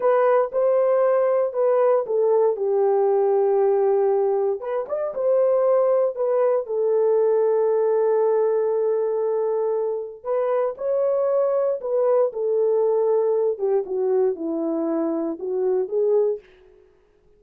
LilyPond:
\new Staff \with { instrumentName = "horn" } { \time 4/4 \tempo 4 = 117 b'4 c''2 b'4 | a'4 g'2.~ | g'4 b'8 d''8 c''2 | b'4 a'2.~ |
a'1 | b'4 cis''2 b'4 | a'2~ a'8 g'8 fis'4 | e'2 fis'4 gis'4 | }